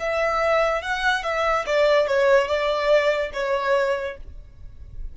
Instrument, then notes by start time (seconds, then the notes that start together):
violin
0.00 E5
0.82 F#5
1.24 E5
1.66 D5
2.08 C#5
2.48 D5
3.34 C#5